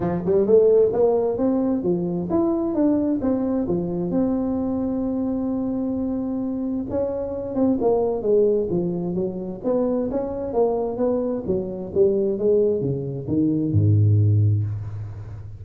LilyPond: \new Staff \with { instrumentName = "tuba" } { \time 4/4 \tempo 4 = 131 f8 g8 a4 ais4 c'4 | f4 e'4 d'4 c'4 | f4 c'2.~ | c'2. cis'4~ |
cis'8 c'8 ais4 gis4 f4 | fis4 b4 cis'4 ais4 | b4 fis4 g4 gis4 | cis4 dis4 gis,2 | }